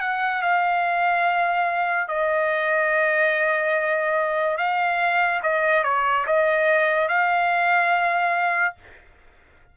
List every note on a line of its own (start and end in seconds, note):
0.00 0.41 F#5
0.41 2.08 F5
2.08 4.57 D#5
4.57 5.41 F5
5.42 5.83 D#5
5.83 6.25 C#5
6.26 7.08 D#5
7.08 8.75 F5